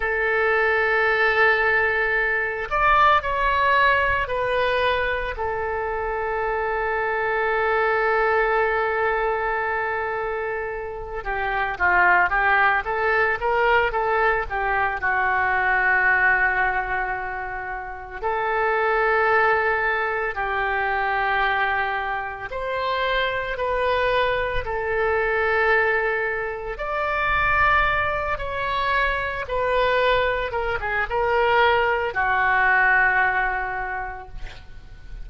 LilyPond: \new Staff \with { instrumentName = "oboe" } { \time 4/4 \tempo 4 = 56 a'2~ a'8 d''8 cis''4 | b'4 a'2.~ | a'2~ a'8 g'8 f'8 g'8 | a'8 ais'8 a'8 g'8 fis'2~ |
fis'4 a'2 g'4~ | g'4 c''4 b'4 a'4~ | a'4 d''4. cis''4 b'8~ | b'8 ais'16 gis'16 ais'4 fis'2 | }